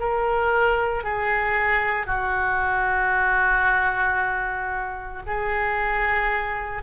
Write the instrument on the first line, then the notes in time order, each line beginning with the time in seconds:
oboe
0.00 A#4
1.04 G#4
2.07 F#4
5.26 G#4